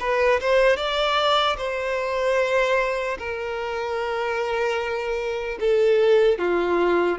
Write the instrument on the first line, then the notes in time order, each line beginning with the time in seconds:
violin
0.00 B4
0.40 C5
0.76 D5
1.57 C5
3.18 A#4
5.60 A4
6.38 F4